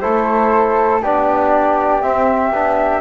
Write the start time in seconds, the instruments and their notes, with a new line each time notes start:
0.00 double bass A3, trombone E4, flute A4 C5
1.02 double bass B3, trombone D4, flute G4 D5
2.02 trombone C4, double bass C4, flute E5
2.51 double bass B3, trombone D4